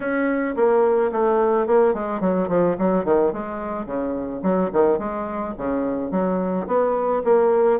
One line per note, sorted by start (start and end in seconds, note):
0.00 0.55 C#4
0.56 1.11 A#3
1.12 1.67 A3
1.67 1.93 A#3
1.93 2.20 G#3
2.20 2.48 F#3
2.48 2.76 F3
2.78 3.05 F#3
3.05 3.32 D#3
3.32 3.86 G#3
3.86 4.41 C#3
4.42 4.70 F#3
4.72 4.98 D#3
4.98 5.54 G#3
5.57 6.11 C#3
6.11 6.67 F#3
6.67 7.22 B3
7.24 7.80 A#3